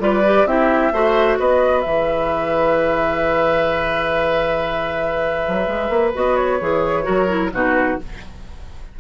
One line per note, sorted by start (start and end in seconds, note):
0.00 0.45 G3
0.00 0.23 F4
0.00 0.48 B4
0.00 0.47 D5
0.25 0.48 G4
0.46 0.91 C4
0.46 0.93 E4
0.46 0.93 G4
0.46 1.38 E5
0.93 1.38 A3
0.93 1.84 F#4
0.93 1.39 C5
1.39 1.86 B3
1.39 7.05 B4
1.39 1.81 D#5
1.81 5.48 E3
1.81 6.15 G#4
1.81 6.13 E5
5.48 5.68 F#3
5.68 5.90 G#3
5.90 6.12 A#3
6.15 6.61 B3
6.15 6.60 F#4
6.15 6.36 D#5
6.36 7.50 C#5
6.61 7.07 E3
6.61 7.04 G#4
7.04 7.53 F#3
7.04 7.27 F#4
7.04 7.51 A#4
7.29 7.52 E4
7.53 7.98 B2
7.53 7.99 D#4
7.53 8.00 F#4
7.53 8.00 B4